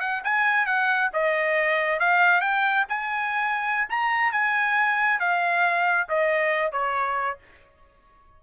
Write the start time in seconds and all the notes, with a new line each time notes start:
0.00 F#5
0.24 G#5
0.66 F#5
1.13 D#5
1.99 F5
2.40 G5
2.89 G#5
3.89 A#5
4.32 G#5
5.19 F5
6.09 D#5
6.72 C#5